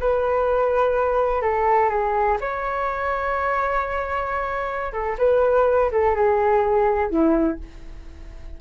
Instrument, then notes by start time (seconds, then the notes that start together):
flute
0.00 B4
1.42 A4
1.89 G#4
2.41 C#5
4.92 A4
5.18 B4
5.91 A4
6.15 G#4
7.10 E4